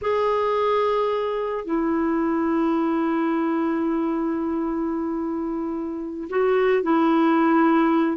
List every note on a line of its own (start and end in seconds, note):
0.01 1.64 G#4
1.64 6.28 E4
6.29 6.83 F#4
6.83 8.17 E4